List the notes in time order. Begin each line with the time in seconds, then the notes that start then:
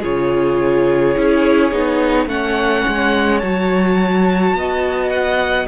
0.00 C#3 F4 G#4 C#5
1.16 C#4 E4
1.72 B3 D#4
2.26 A3 C#4 C#5 F#5
2.88 G#3
3.39 F#3 F#4 A5
4.54 B3 D#5
5.10 F#5